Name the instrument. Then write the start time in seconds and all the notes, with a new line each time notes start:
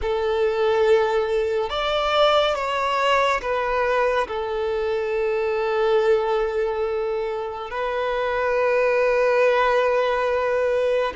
violin
0.01 A4
1.69 D5
2.55 C#5
3.41 B4
4.27 A4
7.70 B4